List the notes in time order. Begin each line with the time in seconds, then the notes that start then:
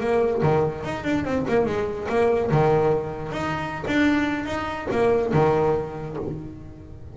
0.00 A#3
0.43 D#3
0.84 D#4
1.04 D4
1.24 C4
1.48 A#3
1.66 G#3
2.09 A#3
2.51 D#3
3.32 D#4
3.87 D4
4.46 D#4
4.91 A#3
5.33 D#3